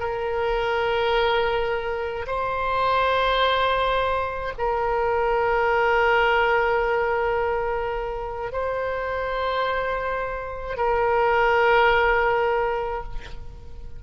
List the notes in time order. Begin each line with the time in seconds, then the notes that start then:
0.00 A#4
2.27 C5
4.58 A#4
8.53 C5
10.77 A#4